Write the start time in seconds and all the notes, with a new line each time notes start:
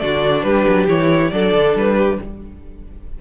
0.00 D3 D4 F#4 D5
0.43 G3 G4 B4
0.68 F#3
0.87 E3 E4 C#5
1.31 F#3 D4 A4 D5
1.53 D3
1.75 G3 B4
1.97 G4